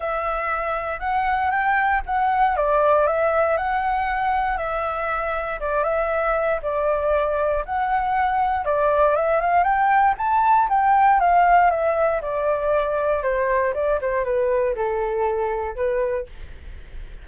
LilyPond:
\new Staff \with { instrumentName = "flute" } { \time 4/4 \tempo 4 = 118 e''2 fis''4 g''4 | fis''4 d''4 e''4 fis''4~ | fis''4 e''2 d''8 e''8~ | e''4 d''2 fis''4~ |
fis''4 d''4 e''8 f''8 g''4 | a''4 g''4 f''4 e''4 | d''2 c''4 d''8 c''8 | b'4 a'2 b'4 | }